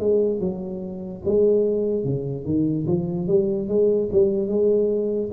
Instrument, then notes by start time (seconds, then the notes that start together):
tuba
0.00 G#3
0.40 F#3
1.26 G#3
2.05 C#3
2.45 D#3
2.87 F3
3.28 G3
3.69 G#3
4.13 G3
4.48 G#3